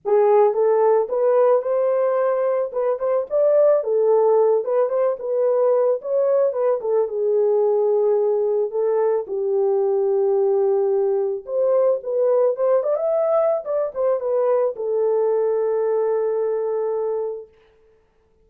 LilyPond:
\new Staff \with { instrumentName = "horn" } { \time 4/4 \tempo 4 = 110 gis'4 a'4 b'4 c''4~ | c''4 b'8 c''8 d''4 a'4~ | a'8 b'8 c''8 b'4. cis''4 | b'8 a'8 gis'2. |
a'4 g'2.~ | g'4 c''4 b'4 c''8 d''16 e''16~ | e''4 d''8 c''8 b'4 a'4~ | a'1 | }